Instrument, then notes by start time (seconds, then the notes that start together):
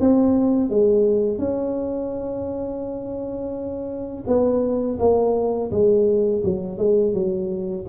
tuba
0.00 C4
0.70 G#3
1.38 C#4
4.27 B3
4.99 A#3
5.71 G#3
6.44 F#3
6.78 G#3
7.14 F#3